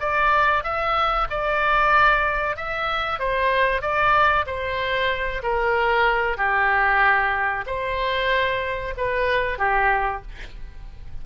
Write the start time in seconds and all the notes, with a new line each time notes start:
0.00 D5
0.64 E5
1.30 D5
2.56 E5
3.19 C5
3.82 D5
4.47 C5
5.43 A#4
6.37 G4
7.67 C5
8.97 B4
9.58 G4